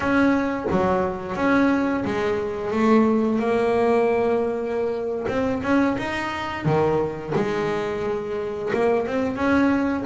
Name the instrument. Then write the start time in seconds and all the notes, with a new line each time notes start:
double bass
0.00 C#4
0.70 F#3
1.35 C#4
2.05 G#3
2.71 A3
3.39 A#3
5.27 C4
5.62 C#4
5.98 D#4
6.65 D#3
7.35 G#3
8.73 A#3
9.06 C4
9.36 C#4